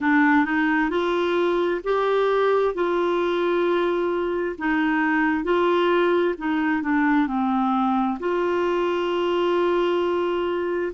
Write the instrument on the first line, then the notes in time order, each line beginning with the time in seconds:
clarinet
0.00 D4
0.45 D#4
0.90 F4
1.83 G4
2.74 F4
4.58 D#4
5.43 F4
6.38 D#4
6.82 D4
7.27 C4
8.19 F4